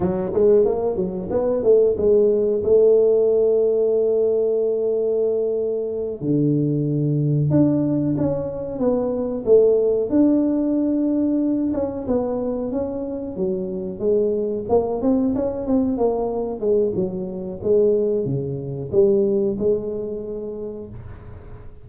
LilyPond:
\new Staff \with { instrumentName = "tuba" } { \time 4/4 \tempo 4 = 92 fis8 gis8 ais8 fis8 b8 a8 gis4 | a1~ | a4. d2 d'8~ | d'8 cis'4 b4 a4 d'8~ |
d'2 cis'8 b4 cis'8~ | cis'8 fis4 gis4 ais8 c'8 cis'8 | c'8 ais4 gis8 fis4 gis4 | cis4 g4 gis2 | }